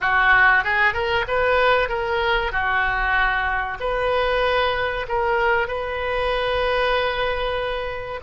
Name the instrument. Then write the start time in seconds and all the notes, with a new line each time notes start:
oboe
0.00 F#4
0.64 G#4
0.93 A#4
1.27 B4
1.88 A#4
2.51 F#4
3.80 B4
5.08 A#4
5.67 B4